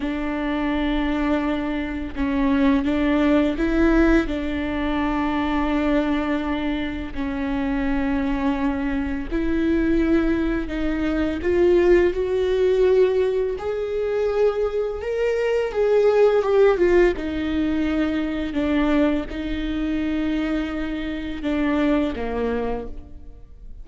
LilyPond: \new Staff \with { instrumentName = "viola" } { \time 4/4 \tempo 4 = 84 d'2. cis'4 | d'4 e'4 d'2~ | d'2 cis'2~ | cis'4 e'2 dis'4 |
f'4 fis'2 gis'4~ | gis'4 ais'4 gis'4 g'8 f'8 | dis'2 d'4 dis'4~ | dis'2 d'4 ais4 | }